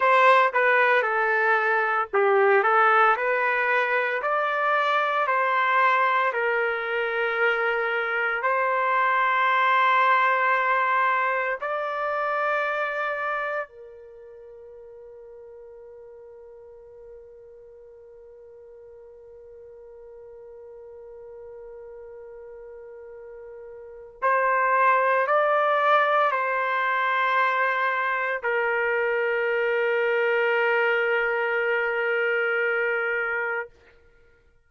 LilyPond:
\new Staff \with { instrumentName = "trumpet" } { \time 4/4 \tempo 4 = 57 c''8 b'8 a'4 g'8 a'8 b'4 | d''4 c''4 ais'2 | c''2. d''4~ | d''4 ais'2.~ |
ais'1~ | ais'2. c''4 | d''4 c''2 ais'4~ | ais'1 | }